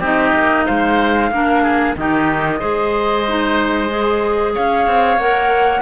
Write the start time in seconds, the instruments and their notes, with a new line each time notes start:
0.00 cello C4, clarinet D#4, oboe G4, flute D#5
0.34 cello A#3
0.66 cello G#3, oboe C5, flute F5
1.31 cello A#3, clarinet D4, oboe A#4
1.63 oboe G#4
1.97 cello D#3, clarinet D#4, oboe G4, flute D#5
2.59 cello G#3, clarinet G#4, oboe C5
3.28 clarinet D#4
3.89 clarinet G#4
4.55 cello C#4, oboe C#5, flute F5
4.86 cello C4
5.17 cello A#3, clarinet A#4, flute F#5